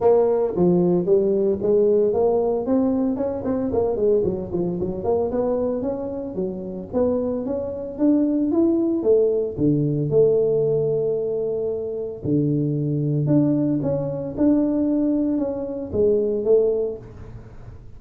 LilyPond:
\new Staff \with { instrumentName = "tuba" } { \time 4/4 \tempo 4 = 113 ais4 f4 g4 gis4 | ais4 c'4 cis'8 c'8 ais8 gis8 | fis8 f8 fis8 ais8 b4 cis'4 | fis4 b4 cis'4 d'4 |
e'4 a4 d4 a4~ | a2. d4~ | d4 d'4 cis'4 d'4~ | d'4 cis'4 gis4 a4 | }